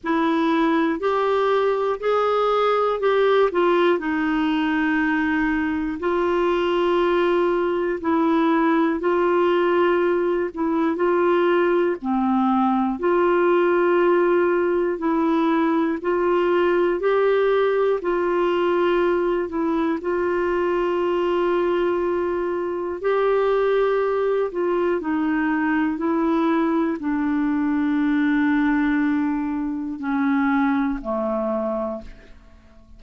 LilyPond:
\new Staff \with { instrumentName = "clarinet" } { \time 4/4 \tempo 4 = 60 e'4 g'4 gis'4 g'8 f'8 | dis'2 f'2 | e'4 f'4. e'8 f'4 | c'4 f'2 e'4 |
f'4 g'4 f'4. e'8 | f'2. g'4~ | g'8 f'8 dis'4 e'4 d'4~ | d'2 cis'4 a4 | }